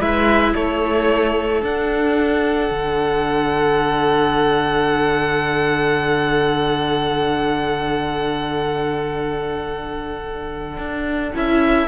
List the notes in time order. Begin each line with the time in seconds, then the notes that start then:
0.00 G#3 E4 B4 E5
0.55 A3 A4 C#5
1.62 D4 F#5
2.71 D3
10.78 D4
11.35 C#4 E4 E5